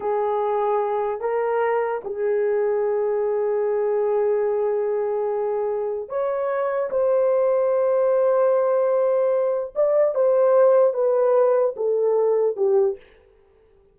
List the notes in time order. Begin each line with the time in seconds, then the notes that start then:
0.00 G#4
1.20 A#4
2.04 G#4
6.08 C#5
6.90 C5
9.75 D5
10.14 C5
10.93 B4
11.76 A4
12.56 G4